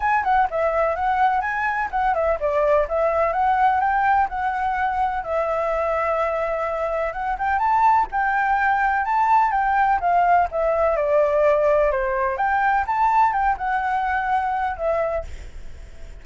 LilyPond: \new Staff \with { instrumentName = "flute" } { \time 4/4 \tempo 4 = 126 gis''8 fis''8 e''4 fis''4 gis''4 | fis''8 e''8 d''4 e''4 fis''4 | g''4 fis''2 e''4~ | e''2. fis''8 g''8 |
a''4 g''2 a''4 | g''4 f''4 e''4 d''4~ | d''4 c''4 g''4 a''4 | g''8 fis''2~ fis''8 e''4 | }